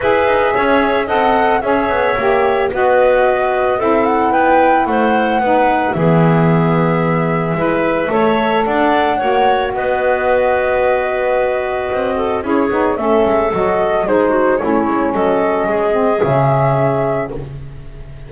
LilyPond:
<<
  \new Staff \with { instrumentName = "flute" } { \time 4/4 \tempo 4 = 111 e''2 fis''4 e''4~ | e''4 dis''2 e''8 fis''8 | g''4 fis''2 e''4~ | e''1 |
fis''2 dis''2~ | dis''2. cis''4 | e''4 dis''4 c''4 cis''4 | dis''2 e''2 | }
  \new Staff \with { instrumentName = "clarinet" } { \time 4/4 b'4 cis''4 dis''4 cis''4~ | cis''4 b'2 a'4 | b'4 c''4 b'4 gis'4~ | gis'2 b'4 cis''4 |
d''4 cis''4 b'2~ | b'2~ b'8 a'8 gis'4 | a'2 gis'8 fis'8 e'4 | a'4 gis'2. | }
  \new Staff \with { instrumentName = "saxophone" } { \time 4/4 gis'2 a'4 gis'4 | g'4 fis'2 e'4~ | e'2 dis'4 b4~ | b2 e'4 a'4~ |
a'4 fis'2.~ | fis'2. e'8 dis'8 | cis'4 fis'4 dis'4 cis'4~ | cis'4. c'8 cis'2 | }
  \new Staff \with { instrumentName = "double bass" } { \time 4/4 e'8 dis'8 cis'4 c'4 cis'8 b8 | ais4 b2 c'4 | b4 a4 b4 e4~ | e2 gis4 a4 |
d'4 ais4 b2~ | b2 c'4 cis'8 b8 | a8 gis8 fis4 gis4 a8 gis8 | fis4 gis4 cis2 | }
>>